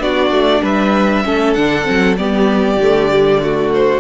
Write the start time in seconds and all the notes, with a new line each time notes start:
0.00 B3 D4 F#4 D5
0.31 A3
0.62 G3 B4 E5
1.25 A3 C#4 A4
1.53 D3 D4 F#5
1.84 F#3 C4
2.17 G3 B3 G4 D5
2.77 D3 A3
3.11 G3
3.41 A3 F#4
3.74 C5